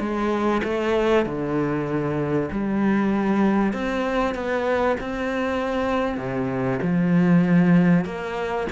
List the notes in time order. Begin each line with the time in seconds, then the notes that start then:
0.00 G#3
0.64 A3
1.26 D3
2.52 G3
3.74 C4
4.35 B3
5.01 C4
6.18 C3
6.83 F3
8.06 A#3